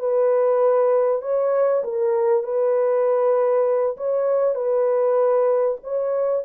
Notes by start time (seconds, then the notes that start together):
0.00 B4
1.22 C#5
1.84 A#4
2.44 B4
3.97 C#5
4.55 B4
5.84 C#5